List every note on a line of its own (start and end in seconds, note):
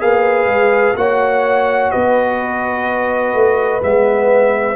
0.00 0.46 A#3
0.00 0.95 G#4
0.00 0.98 B4
0.00 0.97 F5
0.46 0.94 G#3
0.97 1.92 A#3
0.97 3.82 F#4
0.97 1.92 C#5
0.97 1.91 F#5
1.91 3.34 B3
1.91 4.76 B4
1.91 3.82 D#5
3.34 3.82 A3
3.82 4.76 G#3
3.82 4.76 B3
3.82 4.76 E5